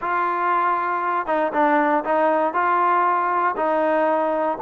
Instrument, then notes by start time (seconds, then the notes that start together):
trombone
0.01 F4
1.26 D#4
1.53 D4
2.04 D#4
2.53 F4
3.56 D#4